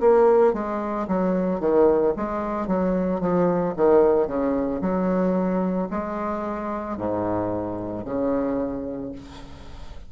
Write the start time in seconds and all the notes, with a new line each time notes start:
0.00 A#3
0.53 G#3
1.07 F#3
1.60 D#3
2.16 G#3
2.67 F#3
3.20 F3
3.76 D#3
4.27 C#3
4.81 F#3
5.90 G#3
6.97 G#2
8.05 C#3